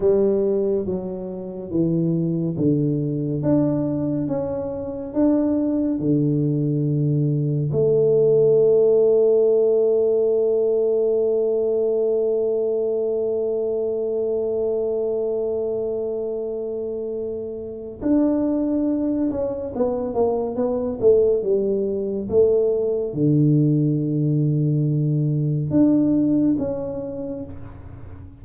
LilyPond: \new Staff \with { instrumentName = "tuba" } { \time 4/4 \tempo 4 = 70 g4 fis4 e4 d4 | d'4 cis'4 d'4 d4~ | d4 a2.~ | a1~ |
a1~ | a4 d'4. cis'8 b8 ais8 | b8 a8 g4 a4 d4~ | d2 d'4 cis'4 | }